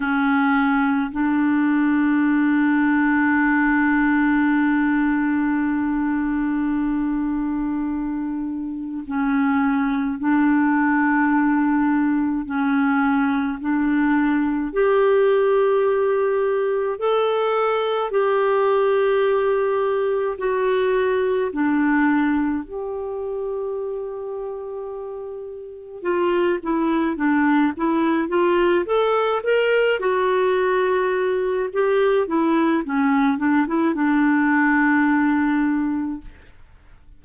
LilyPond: \new Staff \with { instrumentName = "clarinet" } { \time 4/4 \tempo 4 = 53 cis'4 d'2.~ | d'1 | cis'4 d'2 cis'4 | d'4 g'2 a'4 |
g'2 fis'4 d'4 | g'2. f'8 e'8 | d'8 e'8 f'8 a'8 ais'8 fis'4. | g'8 e'8 cis'8 d'16 e'16 d'2 | }